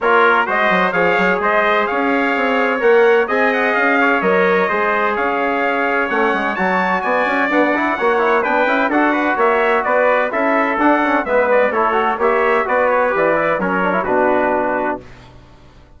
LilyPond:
<<
  \new Staff \with { instrumentName = "trumpet" } { \time 4/4 \tempo 4 = 128 cis''4 dis''4 f''4 dis''4 | f''2 fis''4 gis''8 fis''8 | f''4 dis''2 f''4~ | f''4 fis''4 a''4 gis''4 |
fis''2 g''4 fis''4 | e''4 d''4 e''4 fis''4 | e''8 d''8 cis''4 e''4 d''8 cis''8 | d''4 cis''4 b'2 | }
  \new Staff \with { instrumentName = "trumpet" } { \time 4/4 ais'4 c''4 cis''4 c''4 | cis''2. dis''4~ | dis''8 cis''4. c''4 cis''4~ | cis''2. d''4~ |
d''4 cis''4 b'4 a'8 b'8 | cis''4 b'4 a'2 | b'4 a'4 cis''4 b'4~ | b'4 ais'4 fis'2 | }
  \new Staff \with { instrumentName = "trombone" } { \time 4/4 f'4 fis'4 gis'2~ | gis'2 ais'4 gis'4~ | gis'4 ais'4 gis'2~ | gis'4 cis'4 fis'2 |
b8 e'8 fis'8 e'8 d'8 e'8 fis'4~ | fis'2 e'4 d'8 cis'8 | b4 e'8 fis'8 g'4 fis'4 | g'8 e'8 cis'8 d'16 e'16 d'2 | }
  \new Staff \with { instrumentName = "bassoon" } { \time 4/4 ais4 gis8 fis8 f8 fis8 gis4 | cis'4 c'4 ais4 c'4 | cis'4 fis4 gis4 cis'4~ | cis'4 a8 gis8 fis4 b8 cis'8 |
d'4 ais4 b8 cis'8 d'4 | ais4 b4 cis'4 d'4 | gis4 a4 ais4 b4 | e4 fis4 b,2 | }
>>